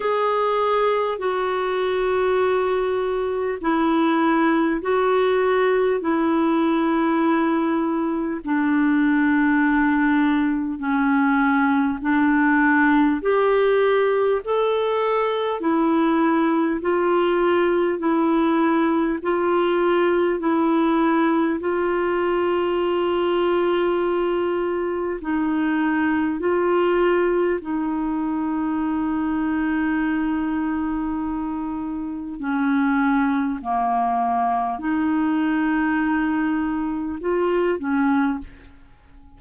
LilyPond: \new Staff \with { instrumentName = "clarinet" } { \time 4/4 \tempo 4 = 50 gis'4 fis'2 e'4 | fis'4 e'2 d'4~ | d'4 cis'4 d'4 g'4 | a'4 e'4 f'4 e'4 |
f'4 e'4 f'2~ | f'4 dis'4 f'4 dis'4~ | dis'2. cis'4 | ais4 dis'2 f'8 cis'8 | }